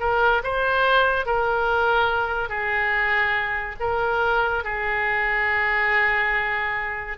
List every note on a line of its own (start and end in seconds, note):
0.00 0.42 A#4
0.43 1.26 C5
1.26 2.49 A#4
2.49 3.76 G#4
3.80 4.64 A#4
4.64 7.17 G#4